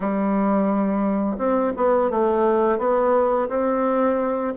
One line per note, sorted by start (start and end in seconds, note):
0.00 1.36 G3
1.38 1.73 C4
1.76 2.10 B3
2.10 2.78 A3
2.78 3.48 B3
3.49 4.53 C4